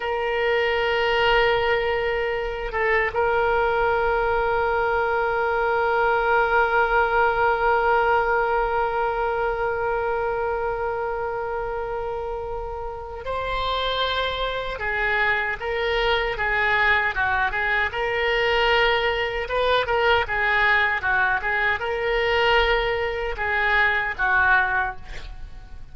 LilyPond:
\new Staff \with { instrumentName = "oboe" } { \time 4/4 \tempo 4 = 77 ais'2.~ ais'8 a'8 | ais'1~ | ais'1~ | ais'1~ |
ais'4 c''2 gis'4 | ais'4 gis'4 fis'8 gis'8 ais'4~ | ais'4 b'8 ais'8 gis'4 fis'8 gis'8 | ais'2 gis'4 fis'4 | }